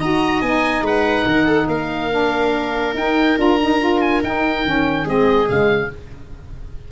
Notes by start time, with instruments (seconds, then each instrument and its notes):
0.00 tuba D#4, saxophone F#4, viola D#5, oboe A#5
0.42 tuba B3, saxophone D#4, oboe G#5
0.81 tuba G#3, viola B4, oboe F#5
1.26 tuba D#3, viola A#4
1.46 viola A4
1.67 tuba A#3, viola A#4, oboe F5
2.11 saxophone D4
2.94 tuba D#4, saxophone D#4, oboe G5
3.37 tuba D4, saxophone F4, oboe A#5
3.60 saxophone D#4
3.79 saxophone F4
4.01 oboe G#5
4.23 tuba D#4, saxophone D#4, oboe G5
4.65 tuba D#3, saxophone C#4
5.03 tuba G#3, saxophone C4, viola G#4, oboe D#5
5.47 tuba C#3, saxophone G#3, oboe F5